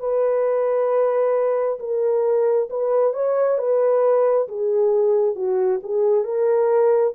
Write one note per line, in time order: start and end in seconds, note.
0.00 1.79 B4
1.80 2.69 A#4
2.70 3.14 B4
3.14 3.59 C#5
3.59 4.48 B4
4.49 5.36 G#4
5.36 5.80 F#4
5.83 6.24 G#4
6.24 7.14 A#4